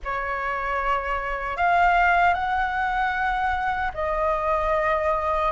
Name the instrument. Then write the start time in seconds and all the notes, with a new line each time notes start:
flute
0.04 C#5
1.56 F5
2.34 F#5
3.94 D#5